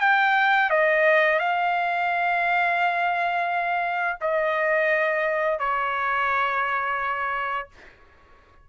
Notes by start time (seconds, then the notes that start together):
0.00 G5
0.70 D#5
1.39 F5
4.21 D#5
5.59 C#5